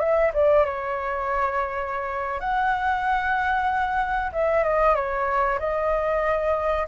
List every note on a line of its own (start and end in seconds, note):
0.00 0.32 E5
0.34 0.66 D5
0.66 2.40 C#5
2.40 4.32 F#5
4.33 4.64 E5
4.64 4.96 D#5
4.96 5.59 C#5
5.60 6.87 D#5